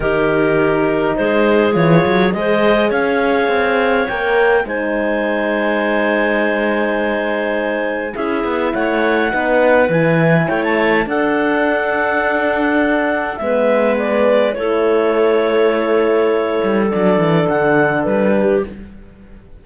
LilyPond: <<
  \new Staff \with { instrumentName = "clarinet" } { \time 4/4 \tempo 4 = 103 ais'2 c''4 cis''4 | dis''4 f''2 g''4 | gis''1~ | gis''2 e''4 fis''4~ |
fis''4 gis''4 g''16 a''8. fis''4~ | fis''2. e''4 | d''4 cis''2.~ | cis''4 d''4 fis''4 b'4 | }
  \new Staff \with { instrumentName = "clarinet" } { \time 4/4 g'2 gis'2 | c''4 cis''2. | c''1~ | c''2 gis'4 cis''4 |
b'2 cis''4 a'4~ | a'2. b'4~ | b'4 a'2.~ | a'2.~ a'8 g'8 | }
  \new Staff \with { instrumentName = "horn" } { \time 4/4 dis'2. f'4 | gis'2. ais'4 | dis'1~ | dis'2 e'2 |
dis'4 e'2 d'4~ | d'2. b4~ | b4 e'2.~ | e'4 d'2. | }
  \new Staff \with { instrumentName = "cello" } { \time 4/4 dis2 gis4 e8 fis8 | gis4 cis'4 c'4 ais4 | gis1~ | gis2 cis'8 b8 a4 |
b4 e4 a4 d'4~ | d'2. gis4~ | gis4 a2.~ | a8 g8 fis8 e8 d4 g4 | }
>>